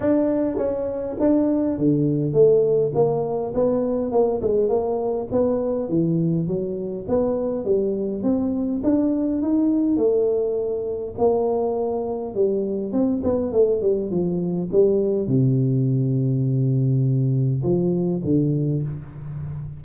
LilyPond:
\new Staff \with { instrumentName = "tuba" } { \time 4/4 \tempo 4 = 102 d'4 cis'4 d'4 d4 | a4 ais4 b4 ais8 gis8 | ais4 b4 e4 fis4 | b4 g4 c'4 d'4 |
dis'4 a2 ais4~ | ais4 g4 c'8 b8 a8 g8 | f4 g4 c2~ | c2 f4 d4 | }